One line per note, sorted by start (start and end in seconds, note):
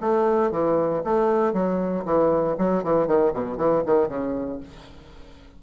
0.00 0.51 A3
0.51 1.02 E3
1.03 1.53 A3
1.53 2.04 F#3
2.05 2.56 E3
2.58 2.83 F#3
2.83 3.07 E3
3.07 3.32 D#3
3.33 3.57 B2
3.57 3.82 E3
3.86 4.08 D#3
4.08 4.59 C#3